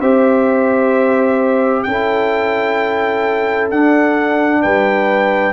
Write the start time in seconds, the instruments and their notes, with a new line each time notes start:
0.00 tuba C4, trombone G4, horn C5, trumpet E5
1.83 tuba C#4, trombone E4, horn A4, trumpet G5
3.71 tuba D4, trombone D4, trumpet F#5
4.62 tuba G3, horn B4, trumpet G5